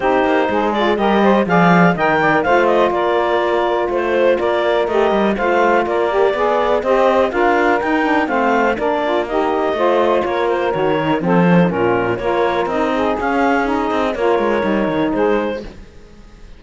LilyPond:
<<
  \new Staff \with { instrumentName = "clarinet" } { \time 4/4 \tempo 4 = 123 c''4. d''8 dis''4 f''4 | g''4 f''8 dis''8 d''2 | c''4 d''4 dis''4 f''4 | d''2 dis''4 f''4 |
g''4 f''4 d''4 dis''4~ | dis''4 cis''8 c''8 cis''4 c''4 | ais'4 cis''4 dis''4 f''4 | dis''4 cis''2 c''4 | }
  \new Staff \with { instrumentName = "saxophone" } { \time 4/4 g'4 gis'4 ais'8 c''8 d''4 | dis''8 d''8 c''4 ais'2 | c''4 ais'2 c''4 | ais'4 d''4 c''4 ais'4~ |
ais'4 c''4 ais'8 f'8 g'4 | c''4 ais'2 a'4 | f'4 ais'4. gis'4.~ | gis'4 ais'2 gis'4 | }
  \new Staff \with { instrumentName = "saxophone" } { \time 4/4 dis'4. f'8 g'4 gis'4 | ais'4 f'2.~ | f'2 g'4 f'4~ | f'8 g'8 gis'4 g'4 f'4 |
dis'8 d'8 c'4 d'4 dis'4 | f'2 fis'8 dis'8 c'8 cis'16 dis'16 | cis'4 f'4 dis'4 cis'4 | dis'4 f'4 dis'2 | }
  \new Staff \with { instrumentName = "cello" } { \time 4/4 c'8 ais8 gis4 g4 f4 | dis4 a4 ais2 | a4 ais4 a8 g8 a4 | ais4 b4 c'4 d'4 |
dis'4 a4 ais2 | a4 ais4 dis4 f4 | ais,4 ais4 c'4 cis'4~ | cis'8 c'8 ais8 gis8 g8 dis8 gis4 | }
>>